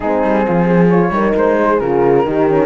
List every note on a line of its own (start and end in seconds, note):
0.00 0.23 G#3
0.00 0.89 C4
0.00 0.45 D#4
0.00 0.87 G#4
0.23 0.46 G3
0.47 1.10 F3
0.47 0.66 F4
0.66 1.10 G#4
0.89 1.12 F4
0.89 1.34 C#5
1.10 1.32 G3
1.10 1.80 D#4
1.10 1.58 A#4
1.36 1.80 G#3
1.36 1.79 C5
1.59 2.26 G#4
1.79 2.25 C#3
1.79 2.25 F4
1.79 2.65 A#4
2.25 2.65 D#3
2.25 2.47 D#4
2.25 2.65 G4
2.48 2.65 C#4